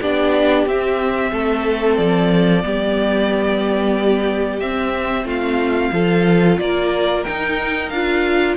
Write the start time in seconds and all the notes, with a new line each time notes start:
0.00 B3 D4 G4 D5
0.66 C4 E5
1.31 A3 A4
1.97 F3 D5
2.62 G3 B3 G4
4.59 C4 E5
5.24 A3 F4 F5
5.92 F3 F4 A4
6.59 A#3 A#4 D5
7.24 D#4 G5
7.89 D4 F4 F5